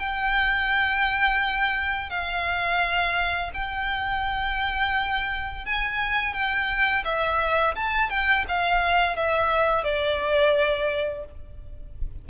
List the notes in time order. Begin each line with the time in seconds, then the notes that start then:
0.00 G5
2.10 F5
3.54 G5
5.66 G#5
6.34 G5
7.05 E5
7.76 A5
8.10 G5
8.49 F5
9.17 E5
9.84 D5